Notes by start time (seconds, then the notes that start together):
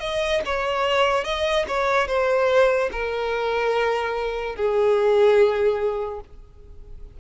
0.00 D#5
0.45 C#5
1.24 D#5
1.68 C#5
2.07 C5
2.91 A#4
4.55 G#4